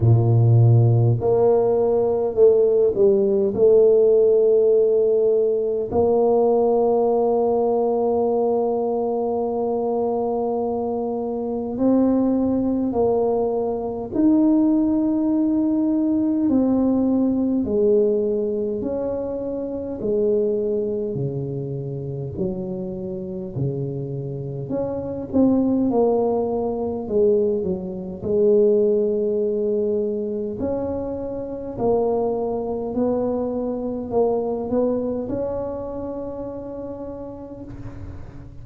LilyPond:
\new Staff \with { instrumentName = "tuba" } { \time 4/4 \tempo 4 = 51 ais,4 ais4 a8 g8 a4~ | a4 ais2.~ | ais2 c'4 ais4 | dis'2 c'4 gis4 |
cis'4 gis4 cis4 fis4 | cis4 cis'8 c'8 ais4 gis8 fis8 | gis2 cis'4 ais4 | b4 ais8 b8 cis'2 | }